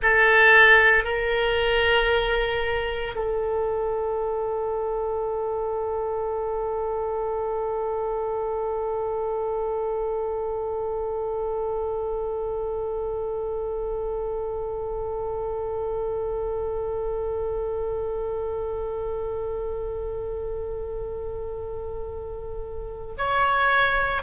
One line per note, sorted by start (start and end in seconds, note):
0.02 1.04 A4
1.04 3.14 A#4
3.15 23.15 A4
23.17 24.22 C#5